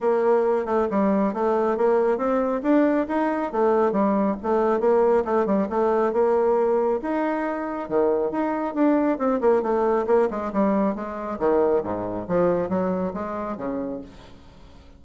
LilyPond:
\new Staff \with { instrumentName = "bassoon" } { \time 4/4 \tempo 4 = 137 ais4. a8 g4 a4 | ais4 c'4 d'4 dis'4 | a4 g4 a4 ais4 | a8 g8 a4 ais2 |
dis'2 dis4 dis'4 | d'4 c'8 ais8 a4 ais8 gis8 | g4 gis4 dis4 gis,4 | f4 fis4 gis4 cis4 | }